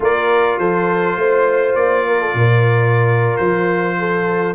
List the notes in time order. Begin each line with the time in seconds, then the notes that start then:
0.00 A#3 F4 A#4 D5
0.59 F3 A4 C5
1.16 A3 C5
1.75 A#3 D5
2.06 A#4
2.20 A4
2.34 A#2 A#4
3.36 F3 C5
3.98 A4